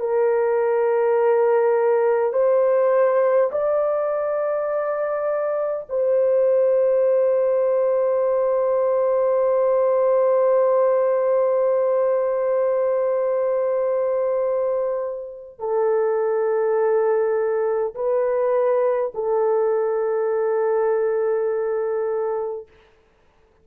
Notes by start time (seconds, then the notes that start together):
0.00 A#4
2.33 C5
3.51 D5
5.89 C5
15.59 A4
17.94 B4
19.14 A4